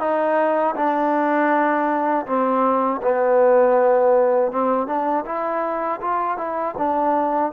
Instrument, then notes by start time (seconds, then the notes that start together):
trombone
0.00 D#4
0.76 D4
2.26 C4
3.02 B3
4.52 C4
4.87 D4
5.25 E4
6.01 F4
6.38 E4
6.78 D4